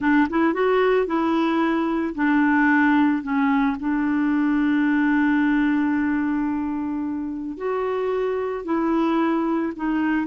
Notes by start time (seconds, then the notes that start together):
0.00 D4
0.29 E4
0.53 F#4
1.06 E4
2.14 D4
3.22 C#4
3.79 D4
7.57 F#4
8.64 E4
9.76 D#4